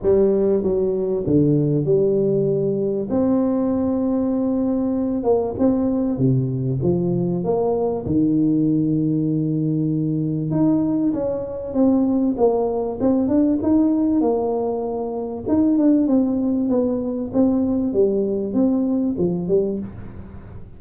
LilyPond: \new Staff \with { instrumentName = "tuba" } { \time 4/4 \tempo 4 = 97 g4 fis4 d4 g4~ | g4 c'2.~ | c'8 ais8 c'4 c4 f4 | ais4 dis2.~ |
dis4 dis'4 cis'4 c'4 | ais4 c'8 d'8 dis'4 ais4~ | ais4 dis'8 d'8 c'4 b4 | c'4 g4 c'4 f8 g8 | }